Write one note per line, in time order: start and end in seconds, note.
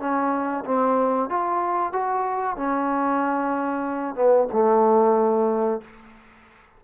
0.00 0.65 C#4
0.65 1.30 C4
1.30 1.93 F4
1.93 2.57 F#4
2.57 4.16 C#4
4.16 4.48 B3
4.53 5.82 A3